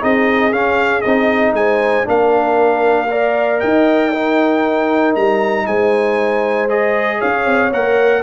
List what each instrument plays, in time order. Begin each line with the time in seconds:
0.00 tuba C4, trombone D#4, horn G#4, trumpet D#5
0.52 tuba C#4, trombone C#4, trumpet F5
1.01 tuba C4, trombone D#4, trumpet D#5
1.53 tuba G#3, horn C5, trumpet G#5
2.04 tuba A#3, trombone D4, horn A#4, trumpet F5
3.09 trombone A#4, horn D5
3.60 tuba D#4, horn D#5, trumpet G5
4.11 trombone D#4, horn A#4
5.15 tuba G3, trumpet A#5
5.66 tuba G#3, horn C5, trumpet G#5
6.69 trombone G#4, trumpet D#5
7.18 tuba C#4, horn C#5, trumpet F5
7.46 tuba C4
7.73 tuba A#3, trombone A#4, trumpet F#5